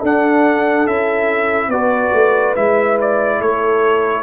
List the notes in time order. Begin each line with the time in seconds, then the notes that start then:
0.00 D4 A4 F#5
0.86 C#4 E4 E5
1.68 B3 F#4 B4 D5
2.13 A3
2.56 G#3 E4 E5
3.01 D5
3.39 A3 A4 C#5